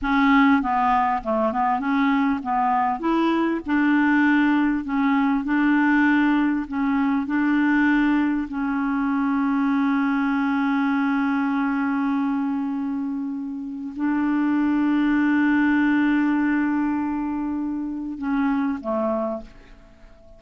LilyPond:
\new Staff \with { instrumentName = "clarinet" } { \time 4/4 \tempo 4 = 99 cis'4 b4 a8 b8 cis'4 | b4 e'4 d'2 | cis'4 d'2 cis'4 | d'2 cis'2~ |
cis'1~ | cis'2. d'4~ | d'1~ | d'2 cis'4 a4 | }